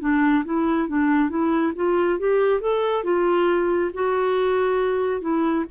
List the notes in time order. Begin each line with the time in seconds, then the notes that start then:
0.00 D4
0.44 E4
0.88 D4
1.29 E4
1.75 F4
2.19 G4
2.60 A4
3.04 F4
3.94 F#4
5.21 E4